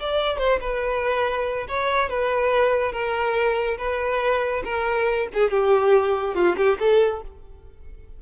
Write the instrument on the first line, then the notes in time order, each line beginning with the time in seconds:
violin
0.00 D5
0.38 C5
0.61 B4
1.68 C#5
2.10 B4
2.92 A#4
3.78 B4
4.64 A#4
5.34 G#4
5.50 G4
6.35 F4
6.57 G4
6.80 A4